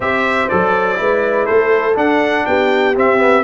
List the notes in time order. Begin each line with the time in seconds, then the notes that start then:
0.00 C4 G4 C5 E5
0.48 F#3 A4 D5
0.95 G#3 E4 B4
1.46 A3 A4 C5
1.96 D4 F#5
2.46 B3 G4 G5
2.95 C4 E5
3.18 B3